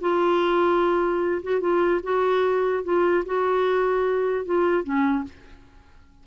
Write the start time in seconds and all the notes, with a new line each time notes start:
0.00 F4
1.42 F#4
1.60 F4
2.03 F#4
2.83 F4
3.25 F#4
4.45 F4
4.83 C#4